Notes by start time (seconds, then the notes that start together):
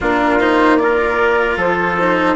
0.00 A#3 D4 F4 A#4
0.39 D#4 C5
0.77 F4 A#4 D5
1.56 F3 A4 C5
1.99 D#4